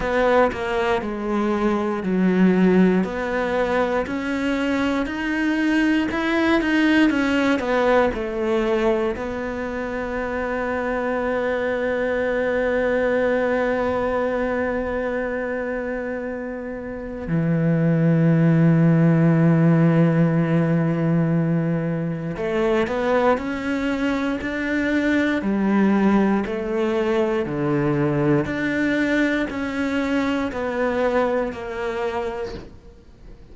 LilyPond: \new Staff \with { instrumentName = "cello" } { \time 4/4 \tempo 4 = 59 b8 ais8 gis4 fis4 b4 | cis'4 dis'4 e'8 dis'8 cis'8 b8 | a4 b2.~ | b1~ |
b4 e2.~ | e2 a8 b8 cis'4 | d'4 g4 a4 d4 | d'4 cis'4 b4 ais4 | }